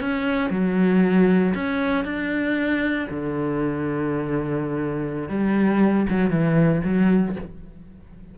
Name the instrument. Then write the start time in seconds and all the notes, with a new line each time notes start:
cello
0.00 C#4
0.50 F#3
1.54 C#4
2.04 D4
3.10 D3
5.29 G3
6.09 F#3
6.30 E3
6.84 F#3